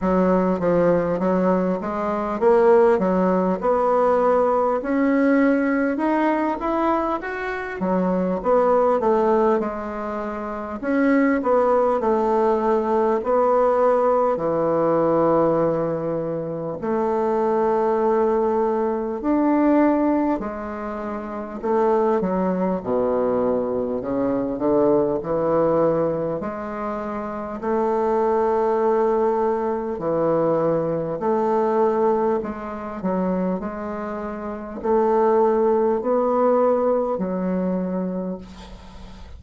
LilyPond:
\new Staff \with { instrumentName = "bassoon" } { \time 4/4 \tempo 4 = 50 fis8 f8 fis8 gis8 ais8 fis8 b4 | cis'4 dis'8 e'8 fis'8 fis8 b8 a8 | gis4 cis'8 b8 a4 b4 | e2 a2 |
d'4 gis4 a8 fis8 b,4 | cis8 d8 e4 gis4 a4~ | a4 e4 a4 gis8 fis8 | gis4 a4 b4 fis4 | }